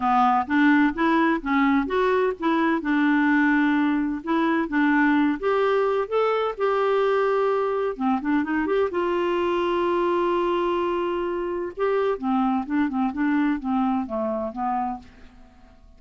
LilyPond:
\new Staff \with { instrumentName = "clarinet" } { \time 4/4 \tempo 4 = 128 b4 d'4 e'4 cis'4 | fis'4 e'4 d'2~ | d'4 e'4 d'4. g'8~ | g'4 a'4 g'2~ |
g'4 c'8 d'8 dis'8 g'8 f'4~ | f'1~ | f'4 g'4 c'4 d'8 c'8 | d'4 c'4 a4 b4 | }